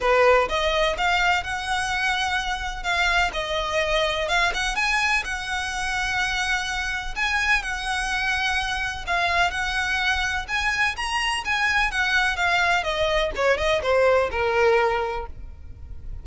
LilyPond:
\new Staff \with { instrumentName = "violin" } { \time 4/4 \tempo 4 = 126 b'4 dis''4 f''4 fis''4~ | fis''2 f''4 dis''4~ | dis''4 f''8 fis''8 gis''4 fis''4~ | fis''2. gis''4 |
fis''2. f''4 | fis''2 gis''4 ais''4 | gis''4 fis''4 f''4 dis''4 | cis''8 dis''8 c''4 ais'2 | }